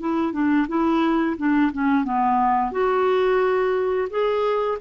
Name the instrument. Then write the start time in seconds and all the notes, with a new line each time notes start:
clarinet
0.00 E4
0.32 D4
0.68 E4
1.37 D4
1.72 C#4
2.04 B3
2.71 F#4
4.10 G#4